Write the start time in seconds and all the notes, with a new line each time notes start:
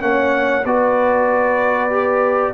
0.00 A#3 C#4 C#5 F#5
0.65 B3 F#4 B4 D5
1.90 G4